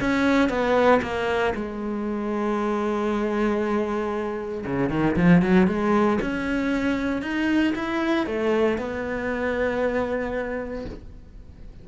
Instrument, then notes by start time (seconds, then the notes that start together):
cello
0.00 C#4
0.49 B3
1.02 A#3
1.54 G#3
4.65 C#3
4.89 D#3
5.16 F3
5.42 F#3
5.67 G#3
6.21 C#4
7.22 D#4
7.75 E4
8.26 A3
8.78 B3